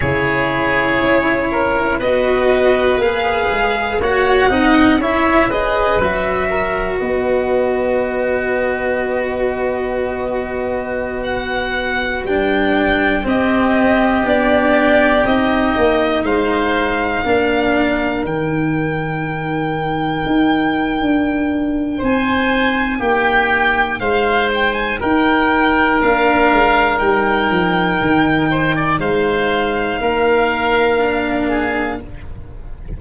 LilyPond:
<<
  \new Staff \with { instrumentName = "violin" } { \time 4/4 \tempo 4 = 60 cis''2 dis''4 f''4 | fis''4 e''8 dis''8 e''4 dis''4~ | dis''2.~ dis''16 fis''8.~ | fis''16 g''4 dis''4 d''4 dis''8.~ |
dis''16 f''2 g''4.~ g''16~ | g''2 gis''4 g''4 | f''8 g''16 gis''16 g''4 f''4 g''4~ | g''4 f''2. | }
  \new Staff \with { instrumentName = "oboe" } { \time 4/4 gis'4. ais'8 b'2 | cis''8 dis''8 cis''8 b'4 ais'8 b'4~ | b'1~ | b'4~ b'16 g'2~ g'8.~ |
g'16 c''4 ais'2~ ais'8.~ | ais'2 c''4 g'4 | c''4 ais'2.~ | ais'8 c''16 d''16 c''4 ais'4. gis'8 | }
  \new Staff \with { instrumentName = "cello" } { \time 4/4 e'2 fis'4 gis'4 | fis'8 dis'8 e'8 gis'8 fis'2~ | fis'1~ | fis'16 d'4 c'4 d'4 dis'8.~ |
dis'4~ dis'16 d'4 dis'4.~ dis'16~ | dis'1~ | dis'2 d'4 dis'4~ | dis'2. d'4 | }
  \new Staff \with { instrumentName = "tuba" } { \time 4/4 cis4 cis'4 b4 ais8 gis8 | ais8 c'8 cis'4 fis4 b4~ | b1~ | b16 g4 c'4 b4 c'8 ais16~ |
ais16 gis4 ais4 dis4.~ dis16~ | dis16 dis'8. d'4 c'4 ais4 | gis4 dis'4 ais8 gis8 g8 f8 | dis4 gis4 ais2 | }
>>